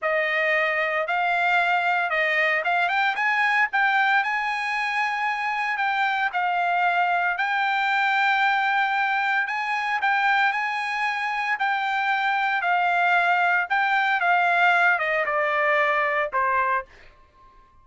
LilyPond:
\new Staff \with { instrumentName = "trumpet" } { \time 4/4 \tempo 4 = 114 dis''2 f''2 | dis''4 f''8 g''8 gis''4 g''4 | gis''2. g''4 | f''2 g''2~ |
g''2 gis''4 g''4 | gis''2 g''2 | f''2 g''4 f''4~ | f''8 dis''8 d''2 c''4 | }